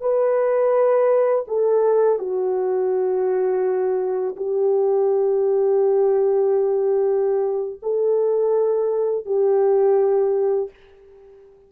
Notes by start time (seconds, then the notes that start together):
0.00 B4
1.47 A4
2.19 F#4
4.36 G4
7.82 A4
9.25 G4